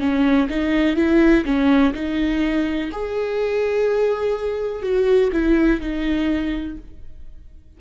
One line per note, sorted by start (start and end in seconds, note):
0.00 0.48 C#4
0.50 0.96 D#4
0.96 1.45 E4
1.45 1.94 C#4
1.94 2.91 D#4
2.93 4.83 G#4
4.83 5.31 F#4
5.33 5.81 E4
5.81 6.77 D#4